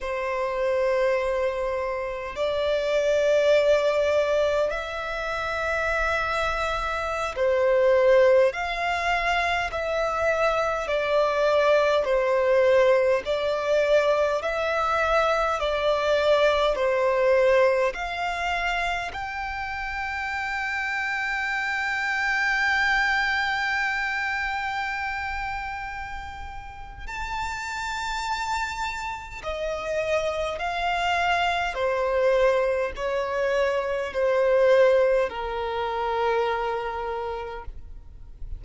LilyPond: \new Staff \with { instrumentName = "violin" } { \time 4/4 \tempo 4 = 51 c''2 d''2 | e''2~ e''16 c''4 f''8.~ | f''16 e''4 d''4 c''4 d''8.~ | d''16 e''4 d''4 c''4 f''8.~ |
f''16 g''2.~ g''8.~ | g''2. a''4~ | a''4 dis''4 f''4 c''4 | cis''4 c''4 ais'2 | }